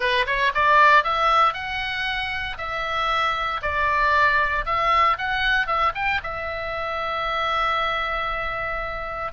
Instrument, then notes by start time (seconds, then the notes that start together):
oboe
0.00 B4
0.26 C#5
0.54 D5
1.04 E5
1.53 F#5
2.57 E5
3.61 D5
4.65 E5
5.18 F#5
5.66 E5
5.95 G5
6.23 E5